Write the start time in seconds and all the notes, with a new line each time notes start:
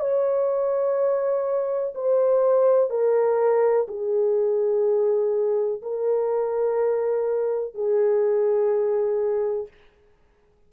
0.00 C#5
1.95 C5
2.90 A#4
3.88 G#4
5.82 A#4
7.74 G#4